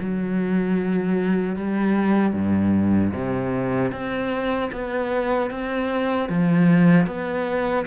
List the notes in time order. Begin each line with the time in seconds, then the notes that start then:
0.00 F#3
1.56 G3
2.33 G2
3.13 C3
3.92 C4
4.72 B3
5.50 C4
6.29 F3
7.06 B3